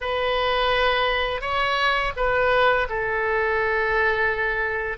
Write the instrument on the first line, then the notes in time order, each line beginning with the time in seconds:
oboe
0.01 B4
1.41 C#5
2.16 B4
2.89 A4